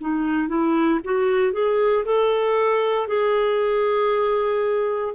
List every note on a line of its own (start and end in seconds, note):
0.00 0.48 D#4
0.48 1.00 E4
1.04 1.52 F#4
1.52 2.04 G#4
2.05 3.07 A4
3.07 5.14 G#4